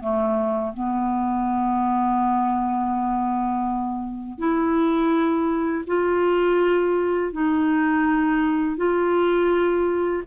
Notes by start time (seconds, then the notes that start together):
0.00 A3
0.74 B3
4.38 E4
5.87 F4
7.32 D#4
8.76 F4